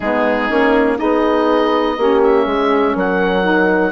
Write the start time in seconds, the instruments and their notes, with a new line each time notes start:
0.00 bassoon G#3, saxophone B3, horn D#4, oboe G#4
0.48 bassoon A#3, saxophone C#4
0.97 bassoon B3, saxophone D#4, horn G#4, oboe D#5
1.97 bassoon A#3, saxophone C#4, horn G4
2.22 oboe E5
2.45 bassoon G#3, horn G#4
2.95 bassoon F#3, horn A#4, oboe F#5
3.42 saxophone D#4